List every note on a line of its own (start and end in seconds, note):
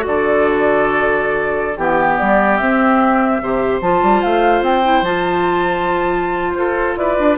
0.00 1.78 D3
0.00 1.73 F#4
0.06 1.79 A4
0.06 1.77 D5
1.77 2.18 E3
1.77 2.61 B3
1.77 2.18 G4
1.77 3.42 G4
2.18 2.60 G3
2.18 2.57 D5
2.57 3.41 C4
2.57 3.43 C4
2.57 3.79 E5
3.41 3.81 C3
3.41 3.82 G4
3.41 6.59 C5
3.81 4.02 F3
3.81 4.84 F4
3.81 4.22 A5
4.02 4.23 G3
4.22 4.61 A3
4.22 4.63 F5
4.61 5.01 C4
4.61 5.04 G5
4.84 5.04 E4
5.01 6.55 F3
5.01 7.38 F4
5.01 6.54 A5
6.54 6.97 F4
6.54 6.99 A4
6.54 6.95 C5
6.97 7.17 E4
6.97 7.38 B4
6.97 7.38 D5
7.19 7.38 D4